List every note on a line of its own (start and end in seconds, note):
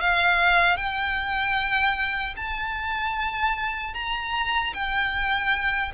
0.00 0.76 F5
0.76 2.34 G5
2.36 3.94 A5
3.94 4.73 A#5
4.73 5.92 G5